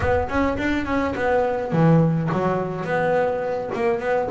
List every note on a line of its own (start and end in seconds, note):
0.00 0.28 B3
0.28 0.57 C#4
0.57 0.85 D4
0.85 1.14 C#4
1.15 1.72 B3
1.72 2.29 E3
2.31 2.84 F#3
2.84 3.70 B3
3.74 3.99 A#3
3.99 4.28 B3